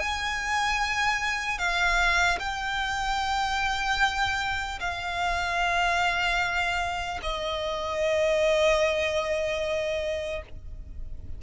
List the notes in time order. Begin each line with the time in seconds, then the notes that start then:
0.00 G#5
1.59 F5
2.39 G5
4.80 F5
7.23 D#5